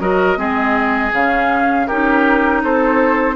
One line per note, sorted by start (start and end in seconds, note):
0.00 0.37 F#3
0.00 0.36 F#4
0.00 0.38 A#4
0.00 1.12 D#5
0.36 1.12 G#3
0.36 1.11 C4
0.36 1.87 G#4
1.12 1.87 C#3
1.12 1.90 C#4
1.12 1.87 F5
1.87 2.64 C#4
1.87 3.35 D#4
1.87 2.62 G4
1.87 2.62 A#4
2.64 3.35 C4
2.64 3.35 A4
2.64 3.35 C5